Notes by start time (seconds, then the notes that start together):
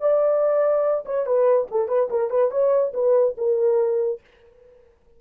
0.00 D5
1.05 C#5
1.26 B4
1.70 A4
1.88 B4
2.10 A#4
2.30 B4
2.51 C#5
2.93 B4
3.37 A#4